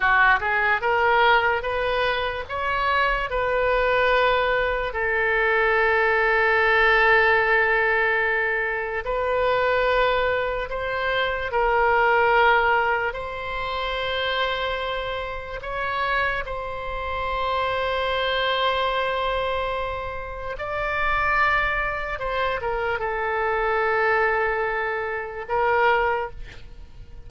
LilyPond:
\new Staff \with { instrumentName = "oboe" } { \time 4/4 \tempo 4 = 73 fis'8 gis'8 ais'4 b'4 cis''4 | b'2 a'2~ | a'2. b'4~ | b'4 c''4 ais'2 |
c''2. cis''4 | c''1~ | c''4 d''2 c''8 ais'8 | a'2. ais'4 | }